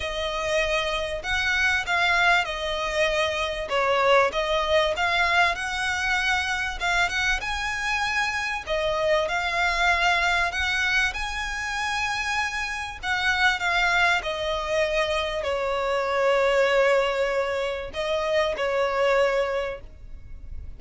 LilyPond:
\new Staff \with { instrumentName = "violin" } { \time 4/4 \tempo 4 = 97 dis''2 fis''4 f''4 | dis''2 cis''4 dis''4 | f''4 fis''2 f''8 fis''8 | gis''2 dis''4 f''4~ |
f''4 fis''4 gis''2~ | gis''4 fis''4 f''4 dis''4~ | dis''4 cis''2.~ | cis''4 dis''4 cis''2 | }